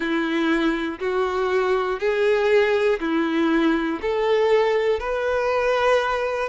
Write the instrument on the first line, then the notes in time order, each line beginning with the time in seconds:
violin
0.00 E4
1.00 F#4
2.00 G#4
3.00 E4
4.01 A4
4.99 B4